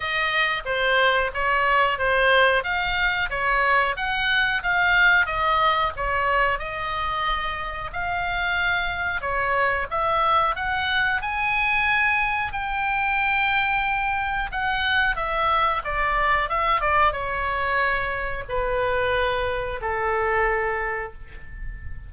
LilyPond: \new Staff \with { instrumentName = "oboe" } { \time 4/4 \tempo 4 = 91 dis''4 c''4 cis''4 c''4 | f''4 cis''4 fis''4 f''4 | dis''4 cis''4 dis''2 | f''2 cis''4 e''4 |
fis''4 gis''2 g''4~ | g''2 fis''4 e''4 | d''4 e''8 d''8 cis''2 | b'2 a'2 | }